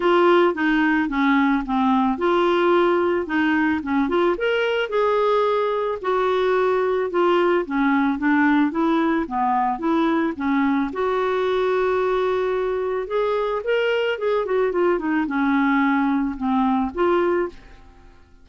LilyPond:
\new Staff \with { instrumentName = "clarinet" } { \time 4/4 \tempo 4 = 110 f'4 dis'4 cis'4 c'4 | f'2 dis'4 cis'8 f'8 | ais'4 gis'2 fis'4~ | fis'4 f'4 cis'4 d'4 |
e'4 b4 e'4 cis'4 | fis'1 | gis'4 ais'4 gis'8 fis'8 f'8 dis'8 | cis'2 c'4 f'4 | }